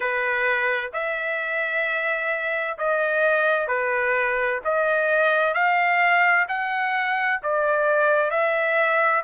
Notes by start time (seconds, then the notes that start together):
0.00 B4
0.93 E5
2.78 D#5
3.67 B4
4.64 D#5
5.54 F5
6.48 F#5
7.43 D5
8.30 E5